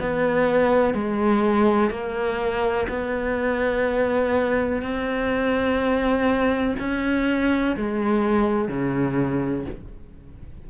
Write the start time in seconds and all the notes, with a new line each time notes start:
0.00 B3
0.94 G#3
1.90 A#3
2.89 B3
4.82 C4
6.79 C#4
7.76 G#3
8.68 C#3